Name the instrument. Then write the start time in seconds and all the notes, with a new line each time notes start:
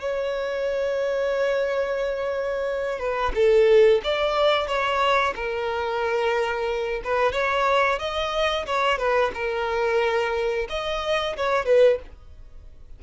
violin
0.00 C#5
2.98 B4
3.35 A4
4.03 D5
4.67 C#5
5.35 A#4
7.04 B4
7.32 C#5
7.99 D#5
8.66 C#5
8.98 B4
9.34 A#4
10.69 D#5
11.36 C#5
11.65 B4